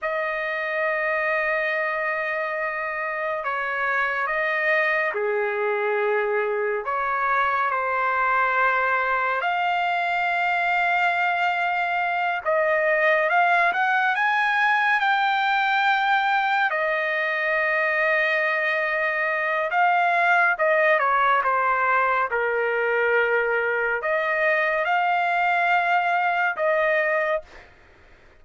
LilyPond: \new Staff \with { instrumentName = "trumpet" } { \time 4/4 \tempo 4 = 70 dis''1 | cis''4 dis''4 gis'2 | cis''4 c''2 f''4~ | f''2~ f''8 dis''4 f''8 |
fis''8 gis''4 g''2 dis''8~ | dis''2. f''4 | dis''8 cis''8 c''4 ais'2 | dis''4 f''2 dis''4 | }